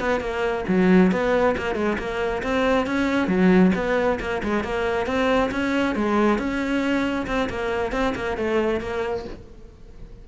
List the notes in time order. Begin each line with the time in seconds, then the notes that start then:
0.00 B3
0.20 A#3
0.68 F#3
1.11 B3
1.57 A#3
1.75 G#3
1.99 A#3
2.43 C4
2.87 C#4
3.28 F#3
3.75 B3
4.20 A#3
4.43 G#3
4.64 A#3
5.06 C4
5.51 C#4
5.95 G#3
6.38 C#4
7.27 C4
7.50 A#3
7.92 C4
8.15 A#3
8.37 A3
8.81 A#3